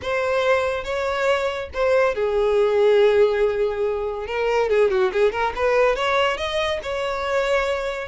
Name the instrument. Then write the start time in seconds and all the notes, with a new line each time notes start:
violin
0.02 C5
0.84 C#5
1.73 C5
2.15 G#4
4.27 A#4
4.69 G#4
4.90 F#4
5.12 G#4
5.32 A#4
5.55 B4
5.95 C#5
6.37 D#5
6.82 C#5